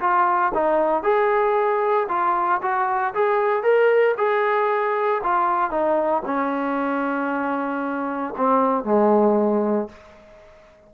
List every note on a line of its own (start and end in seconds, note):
0.00 0.52 F4
0.54 1.03 D#4
1.03 2.07 G#4
2.09 2.61 F4
2.62 3.14 F#4
3.14 3.63 G#4
3.63 4.15 A#4
4.17 5.22 G#4
5.23 5.70 F4
5.70 6.23 D#4
6.25 8.34 C#4
8.37 8.84 C4
8.84 9.88 G#3